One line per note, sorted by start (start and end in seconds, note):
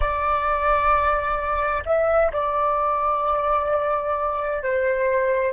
0.00 1.83 D5
1.85 2.31 E5
2.32 4.62 D5
4.62 5.52 C5